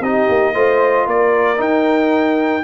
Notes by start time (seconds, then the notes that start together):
0.00 C4 D#4 G4 D#5
0.28 A#3
0.54 A3 F4 C5
1.06 A#3 A#4 D5
1.57 D#4 G5